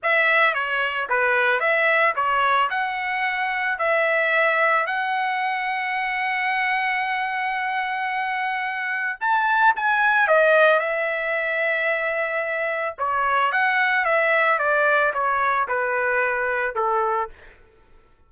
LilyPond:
\new Staff \with { instrumentName = "trumpet" } { \time 4/4 \tempo 4 = 111 e''4 cis''4 b'4 e''4 | cis''4 fis''2 e''4~ | e''4 fis''2.~ | fis''1~ |
fis''4 a''4 gis''4 dis''4 | e''1 | cis''4 fis''4 e''4 d''4 | cis''4 b'2 a'4 | }